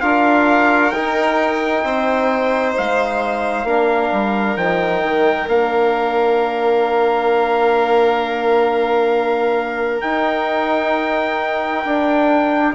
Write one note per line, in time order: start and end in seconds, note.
0.00 0.92 D4
0.00 0.92 F4
0.00 1.84 A#4
0.00 0.91 F5
0.91 1.83 D#4
0.91 3.66 D#4
0.91 2.72 G5
1.84 2.75 C4
1.84 3.67 C5
2.77 3.64 G#3
2.77 4.57 F5
3.64 4.09 A#3
3.64 4.57 D4
3.64 12.75 A#4
4.12 4.56 G3
4.56 5.02 F3
4.56 5.48 D#4
4.56 5.48 G5
5.02 5.47 D#3
5.47 10.02 A#3
5.47 10.02 D4
5.47 10.01 F5
10.01 11.84 D#4
10.01 12.74 G5
11.84 12.75 D4